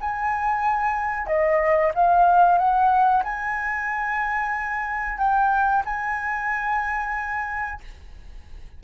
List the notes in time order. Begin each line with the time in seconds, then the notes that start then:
0.00 G#5
1.27 D#5
1.94 F5
2.58 F#5
3.23 G#5
5.18 G5
5.85 G#5